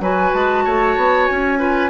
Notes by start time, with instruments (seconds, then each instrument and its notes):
0.00 bassoon F#3, clarinet F#4, oboe B4, flute G#5
0.33 bassoon G#3, flute A5
0.64 bassoon A3, oboe C#5
0.96 bassoon B3
1.27 bassoon C#4, flute G#5
1.58 clarinet F4, oboe B4